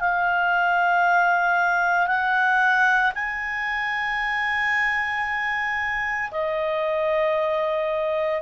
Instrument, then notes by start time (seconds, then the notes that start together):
clarinet
0.00 F5
2.07 F#5
3.15 G#5
6.32 D#5